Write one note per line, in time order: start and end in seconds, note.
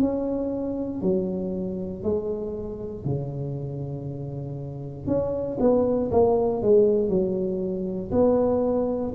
0.00 1.02 C#4
1.02 2.03 F#3
2.03 3.05 G#3
3.05 5.07 C#3
5.07 5.57 C#4
5.59 6.10 B3
6.11 6.62 A#3
6.62 7.09 G#3
7.09 8.11 F#3
8.11 9.12 B3